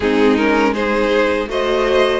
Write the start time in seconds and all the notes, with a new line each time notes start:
0.00 G#3 C4 D#4 G#4
0.36 C#4 A#4
0.73 D#4 G#4 C5
1.47 A3 F#4 C5 D#5